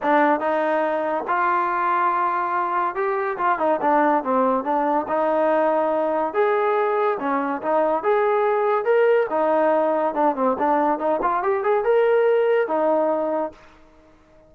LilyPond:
\new Staff \with { instrumentName = "trombone" } { \time 4/4 \tempo 4 = 142 d'4 dis'2 f'4~ | f'2. g'4 | f'8 dis'8 d'4 c'4 d'4 | dis'2. gis'4~ |
gis'4 cis'4 dis'4 gis'4~ | gis'4 ais'4 dis'2 | d'8 c'8 d'4 dis'8 f'8 g'8 gis'8 | ais'2 dis'2 | }